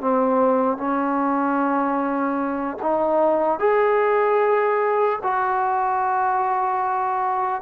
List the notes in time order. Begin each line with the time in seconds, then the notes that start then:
0.00 C4
0.77 C#4
2.82 D#4
3.59 G#4
5.23 F#4